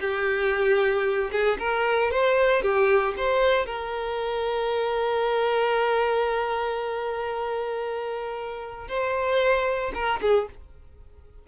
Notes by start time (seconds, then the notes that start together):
0.00 G4
1.32 G#4
1.59 A#4
2.11 C5
2.62 G4
3.17 C5
3.66 A#4
8.88 C5
9.94 A#4
10.21 G#4